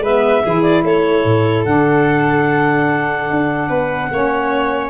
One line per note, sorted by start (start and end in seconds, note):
0.00 0.41 G#3
0.00 0.46 B3
0.00 0.43 B4
0.00 0.63 E5
0.43 0.84 E3
0.43 1.66 E4
0.43 0.84 G#4
0.63 0.83 D5
0.84 1.24 A3
0.84 3.69 A4
0.84 1.65 C#5
1.24 1.65 A2
1.65 3.29 D3
1.65 4.11 D4
1.65 4.90 F#5
3.31 3.70 D4
3.69 4.10 B3
3.69 4.09 B4
4.12 4.90 A#3
4.12 4.90 C#4
4.12 4.90 C#5